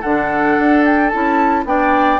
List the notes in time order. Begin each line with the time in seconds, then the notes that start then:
0.00 D3 D4 A4 F#5
0.58 D4
0.85 G5
1.09 C#4 E4 A5
1.64 B3 D4 D5 G5